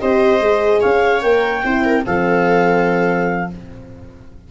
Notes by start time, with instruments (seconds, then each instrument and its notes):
0.00 tuba C4, horn G4, viola C5, clarinet D#5
0.40 tuba G#3, horn G#4
0.81 tuba C#4, viola C#5, clarinet F5
1.22 tuba A#3, horn A#4, clarinet G5
1.64 tuba C4, horn E4, viola C5
1.85 viola A#4
2.04 tuba F3, horn C4, viola A4, clarinet F5